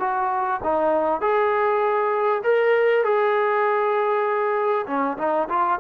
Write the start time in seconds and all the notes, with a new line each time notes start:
0.00 F#4
0.64 D#4
1.21 G#4
2.44 A#4
3.04 G#4
4.87 C#4
5.18 D#4
5.49 F4